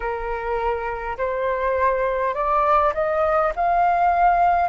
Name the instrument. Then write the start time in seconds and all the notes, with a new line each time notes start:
flute
0.00 A#4
1.17 C5
2.34 D5
2.94 D#5
3.55 F5